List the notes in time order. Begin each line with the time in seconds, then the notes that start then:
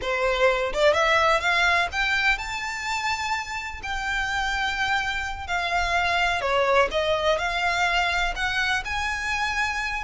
0.01 C5
0.73 D5
0.93 E5
1.40 F5
1.92 G5
2.38 A5
3.82 G5
5.47 F5
6.41 C#5
6.91 D#5
7.38 F5
8.35 F#5
8.84 G#5